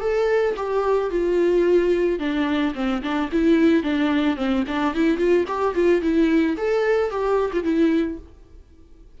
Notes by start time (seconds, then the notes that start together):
0.00 A4
0.56 G4
1.10 F4
2.19 D4
2.74 C4
3.02 D4
3.31 E4
3.83 D4
4.36 C4
4.67 D4
4.94 E4
5.17 F4
5.47 G4
5.74 F4
6.01 E4
6.57 A4
7.10 G4
7.52 F4
7.63 E4